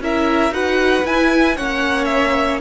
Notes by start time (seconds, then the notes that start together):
0.00 C#4 E4 A#4 E5
0.51 D#4 F#4 B4 F#5
1.05 E4 G#5
1.57 A#3 C#4 C#5 F#5
2.05 E5